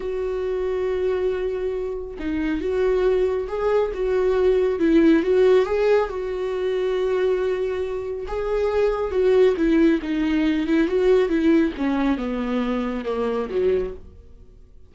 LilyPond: \new Staff \with { instrumentName = "viola" } { \time 4/4 \tempo 4 = 138 fis'1~ | fis'4 dis'4 fis'2 | gis'4 fis'2 e'4 | fis'4 gis'4 fis'2~ |
fis'2. gis'4~ | gis'4 fis'4 e'4 dis'4~ | dis'8 e'8 fis'4 e'4 cis'4 | b2 ais4 fis4 | }